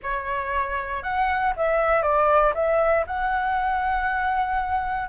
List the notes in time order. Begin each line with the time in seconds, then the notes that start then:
0.02 C#5
1.02 F#5
1.56 E5
2.02 D5
2.54 E5
3.06 F#5